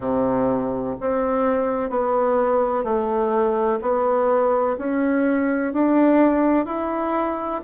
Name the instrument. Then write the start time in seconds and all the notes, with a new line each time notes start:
bassoon
0.00 C3
1.00 C4
1.90 B3
2.84 A3
3.81 B3
4.77 C#4
5.73 D4
6.65 E4